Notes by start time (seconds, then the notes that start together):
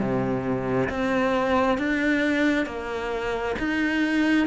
0.00 C3
0.90 C4
1.78 D4
2.67 A#3
3.59 D#4